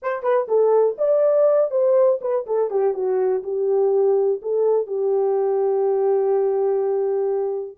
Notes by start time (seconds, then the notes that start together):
0.02 C5
0.22 B4
0.47 A4
0.98 D5
1.70 C5
2.21 B4
2.46 A4
2.70 G4
2.94 F#4
3.43 G4
4.41 A4
4.86 G4